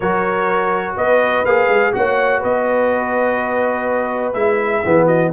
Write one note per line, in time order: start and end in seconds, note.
0.00 0.96 F#3
0.00 1.46 F#4
0.00 0.97 A#4
0.00 0.95 C#5
0.96 1.45 B3
0.96 1.94 B4
0.96 1.45 D#5
1.45 1.68 A#3
1.45 1.92 G#4
1.45 1.93 F5
1.68 1.93 G#3
1.92 2.43 A#3
1.92 4.34 F#4
1.92 2.39 C#5
1.92 2.42 F#5
2.39 4.34 B3
2.39 4.81 B4
2.39 4.33 D#5
4.33 4.82 G#3
4.33 4.83 E4
4.33 5.06 E5
4.85 5.33 E3
4.85 5.33 B3
4.85 5.06 G#4
5.06 5.30 F#4
5.06 5.31 D#5